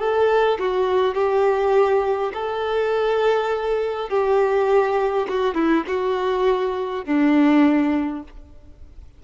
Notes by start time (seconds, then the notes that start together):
0.00 A4
0.59 F#4
1.15 G4
2.34 A4
4.10 G4
5.29 F#4
5.55 E4
5.88 F#4
7.05 D4